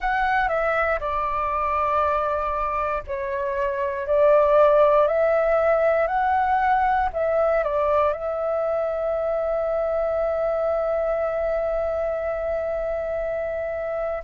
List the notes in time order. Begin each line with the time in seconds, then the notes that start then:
0.00 F#5
0.48 E5
0.99 D5
3.06 C#5
4.07 D5
5.07 E5
6.07 F#5
7.13 E5
7.63 D5
8.13 E5